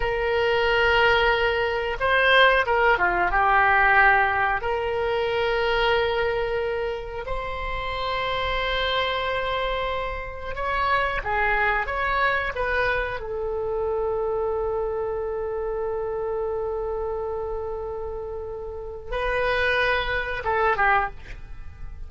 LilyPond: \new Staff \with { instrumentName = "oboe" } { \time 4/4 \tempo 4 = 91 ais'2. c''4 | ais'8 f'8 g'2 ais'4~ | ais'2. c''4~ | c''1 |
cis''4 gis'4 cis''4 b'4 | a'1~ | a'1~ | a'4 b'2 a'8 g'8 | }